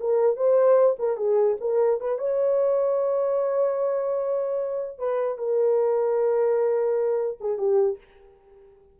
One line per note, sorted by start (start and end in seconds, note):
0.00 0.36 A#4
0.36 0.96 C5
0.98 1.17 A#4
1.17 1.57 G#4
1.60 2.00 A#4
2.00 2.18 B4
2.18 4.98 C#5
4.98 5.38 B4
5.38 7.38 A#4
7.40 7.58 G#4
7.58 7.98 G4